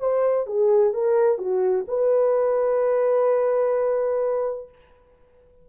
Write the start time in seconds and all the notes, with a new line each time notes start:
0.00 C5
0.47 G#4
0.93 A#4
1.38 F#4
1.88 B4